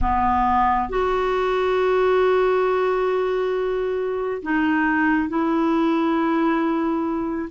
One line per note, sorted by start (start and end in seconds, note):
0.01 0.89 B3
0.89 4.42 F#4
4.42 5.28 D#4
5.28 7.49 E4